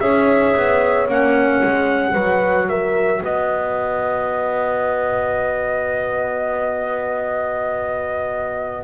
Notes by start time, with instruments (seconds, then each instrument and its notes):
0.00 double bass C#4, clarinet G#4, horn C#5, trumpet E5
0.55 double bass B3
1.08 double bass A#3, clarinet C#4, trumpet F#5
1.63 double bass G#3
2.13 double bass F#3, clarinet F#4, horn B4
2.69 horn A#4, trumpet E5
3.23 double bass B3, horn B4, trumpet D#5